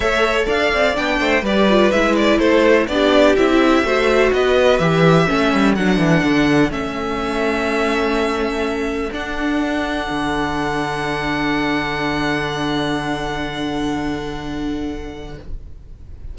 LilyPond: <<
  \new Staff \with { instrumentName = "violin" } { \time 4/4 \tempo 4 = 125 e''4 f''4 g''4 d''4 | e''8 d''8 c''4 d''4 e''4~ | e''4 dis''4 e''2 | fis''2 e''2~ |
e''2. fis''4~ | fis''1~ | fis''1~ | fis''1 | }
  \new Staff \with { instrumentName = "violin" } { \time 4/4 cis''4 d''4. c''8 b'4~ | b'4 a'4 g'2 | c''4 b'2 a'4~ | a'1~ |
a'1~ | a'1~ | a'1~ | a'1 | }
  \new Staff \with { instrumentName = "viola" } { \time 4/4 a'2 d'4 g'8 f'8 | e'2 d'4 e'4 | fis'2 g'4 cis'4 | d'2 cis'2~ |
cis'2. d'4~ | d'1~ | d'1~ | d'1 | }
  \new Staff \with { instrumentName = "cello" } { \time 4/4 a4 d'8 c'8 b8 a8 g4 | gis4 a4 b4 c'4 | a4 b4 e4 a8 g8 | fis8 e8 d4 a2~ |
a2. d'4~ | d'4 d2.~ | d1~ | d1 | }
>>